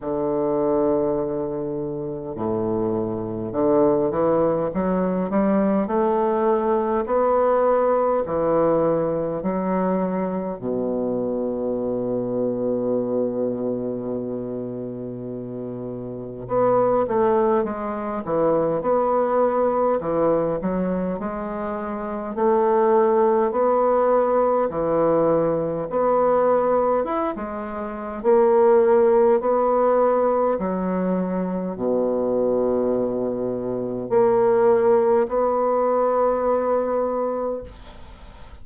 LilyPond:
\new Staff \with { instrumentName = "bassoon" } { \time 4/4 \tempo 4 = 51 d2 a,4 d8 e8 | fis8 g8 a4 b4 e4 | fis4 b,2.~ | b,2 b8 a8 gis8 e8 |
b4 e8 fis8 gis4 a4 | b4 e4 b4 e'16 gis8. | ais4 b4 fis4 b,4~ | b,4 ais4 b2 | }